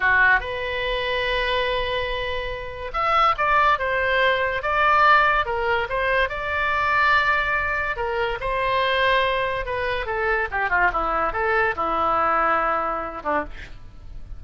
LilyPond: \new Staff \with { instrumentName = "oboe" } { \time 4/4 \tempo 4 = 143 fis'4 b'2.~ | b'2. e''4 | d''4 c''2 d''4~ | d''4 ais'4 c''4 d''4~ |
d''2. ais'4 | c''2. b'4 | a'4 g'8 f'8 e'4 a'4 | e'2.~ e'8 d'8 | }